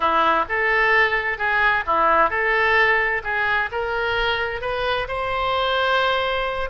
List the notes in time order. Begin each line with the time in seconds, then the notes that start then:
0.00 E4
0.48 A4
1.37 G#4
1.86 E4
2.30 A4
3.23 G#4
3.71 A#4
4.61 B4
5.08 C5